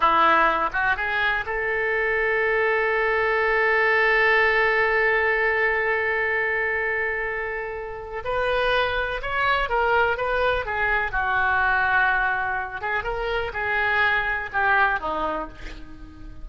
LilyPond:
\new Staff \with { instrumentName = "oboe" } { \time 4/4 \tempo 4 = 124 e'4. fis'8 gis'4 a'4~ | a'1~ | a'1~ | a'1~ |
a'4 b'2 cis''4 | ais'4 b'4 gis'4 fis'4~ | fis'2~ fis'8 gis'8 ais'4 | gis'2 g'4 dis'4 | }